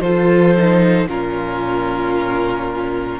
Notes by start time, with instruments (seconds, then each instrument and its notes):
0.00 cello F3, viola F4, violin A4 C5
0.57 viola D#4
1.06 cello A#2, viola C#4, violin F4 A#4